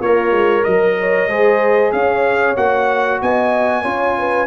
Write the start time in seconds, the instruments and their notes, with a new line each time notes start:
0.00 tuba A#3, horn F4, trombone A#4, trumpet C#5
0.32 tuba G#3
0.63 tuba F#3, horn A#4, trumpet D#5
1.00 horn C#5
1.28 tuba G#3, trombone G#4, horn C5
1.93 tuba C#4, horn C#5, trumpet F5
2.57 tuba A#3, trombone F#4, trumpet F#5
3.22 tuba B3, horn D#5, trumpet G#5
3.83 tuba C#4, trombone F4, horn C#5
4.18 horn B4